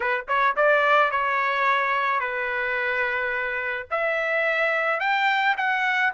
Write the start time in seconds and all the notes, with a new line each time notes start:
0.00 B4
0.28 C#5
0.56 D5
1.11 C#5
2.19 B4
3.90 E5
4.99 G5
5.57 F#5